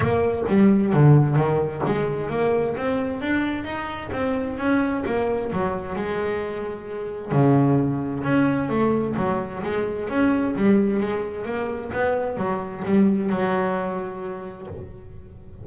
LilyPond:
\new Staff \with { instrumentName = "double bass" } { \time 4/4 \tempo 4 = 131 ais4 g4 d4 dis4 | gis4 ais4 c'4 d'4 | dis'4 c'4 cis'4 ais4 | fis4 gis2. |
cis2 cis'4 a4 | fis4 gis4 cis'4 g4 | gis4 ais4 b4 fis4 | g4 fis2. | }